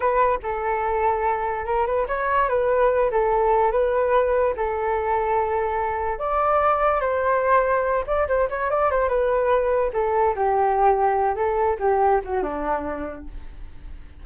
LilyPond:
\new Staff \with { instrumentName = "flute" } { \time 4/4 \tempo 4 = 145 b'4 a'2. | ais'8 b'8 cis''4 b'4. a'8~ | a'4 b'2 a'4~ | a'2. d''4~ |
d''4 c''2~ c''8 d''8 | c''8 cis''8 d''8 c''8 b'2 | a'4 g'2~ g'8 a'8~ | a'8 g'4 fis'8 d'2 | }